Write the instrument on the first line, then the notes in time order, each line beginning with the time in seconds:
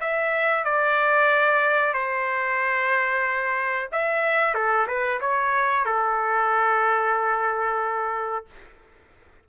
trumpet
0.00 E5
0.64 D5
1.93 C5
3.92 E5
4.54 A4
4.87 B4
5.20 C#5
5.85 A4